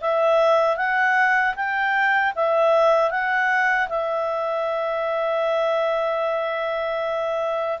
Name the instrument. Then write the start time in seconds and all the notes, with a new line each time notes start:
clarinet
0.00 E5
0.77 F#5
1.55 G5
2.35 E5
3.10 F#5
3.89 E5